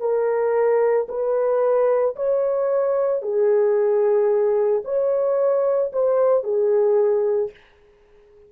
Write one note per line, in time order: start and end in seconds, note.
0.00 1.07 A#4
1.09 2.16 B4
2.16 3.22 C#5
3.22 4.83 G#4
4.85 5.92 C#5
5.93 6.43 C5
6.43 7.50 G#4